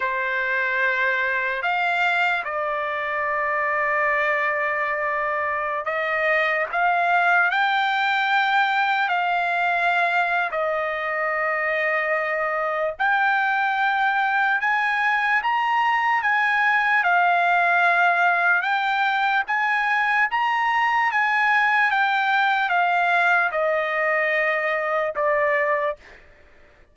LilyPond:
\new Staff \with { instrumentName = "trumpet" } { \time 4/4 \tempo 4 = 74 c''2 f''4 d''4~ | d''2.~ d''16 dis''8.~ | dis''16 f''4 g''2 f''8.~ | f''4 dis''2. |
g''2 gis''4 ais''4 | gis''4 f''2 g''4 | gis''4 ais''4 gis''4 g''4 | f''4 dis''2 d''4 | }